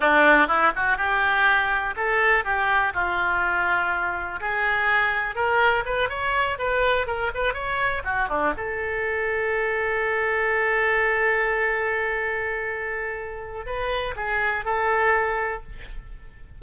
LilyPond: \new Staff \with { instrumentName = "oboe" } { \time 4/4 \tempo 4 = 123 d'4 e'8 fis'8 g'2 | a'4 g'4 f'2~ | f'4 gis'2 ais'4 | b'8 cis''4 b'4 ais'8 b'8 cis''8~ |
cis''8 fis'8 d'8 a'2~ a'8~ | a'1~ | a'1 | b'4 gis'4 a'2 | }